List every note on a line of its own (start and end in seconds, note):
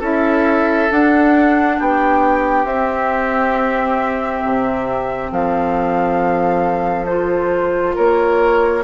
0.00 0.89 C#4
0.00 0.90 E4
0.00 1.76 A4
0.00 0.91 E5
0.90 2.66 D4
0.90 1.80 D4
0.90 1.80 F#5
1.79 2.65 B3
1.79 5.31 G4
1.79 2.66 G5
2.65 4.41 C4
2.65 7.07 C4
2.65 5.31 E5
4.45 5.31 C3
5.31 7.96 F3
5.31 7.95 A4
5.31 7.06 F5
7.06 8.84 F4
7.06 7.94 C5
7.95 8.84 A#3
7.95 8.83 A#4
7.95 8.84 C#5